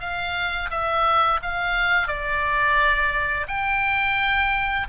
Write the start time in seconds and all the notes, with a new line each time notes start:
0.00 F5
0.70 E5
1.42 F5
2.07 D5
3.47 G5